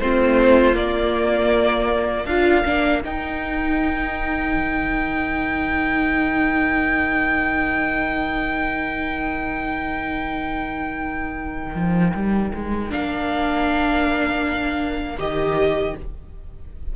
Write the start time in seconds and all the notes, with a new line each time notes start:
0.00 A3 C4 F4 C5
0.74 A#3 D5
2.26 D4 F4 A#4 F5
2.66 A#3 D4
3.04 D#4 G5
4.55 D#3
11.76 F3
12.14 G3
12.55 G#3
12.90 A#3 D4 F5
15.18 D#3 G4 D#5